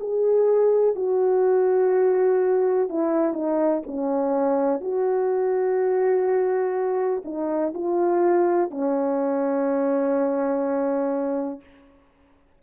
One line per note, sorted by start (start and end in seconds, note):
0.00 0.95 G#4
0.95 2.89 F#4
2.89 3.33 E4
3.33 3.82 D#4
3.87 4.80 C#4
4.80 7.22 F#4
7.24 7.73 D#4
7.74 8.70 F4
8.70 11.60 C#4